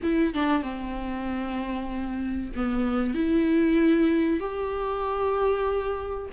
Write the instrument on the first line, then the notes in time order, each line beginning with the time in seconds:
viola
0.03 E4
0.33 D4
0.62 C4
2.55 B3
3.14 E4
4.40 G4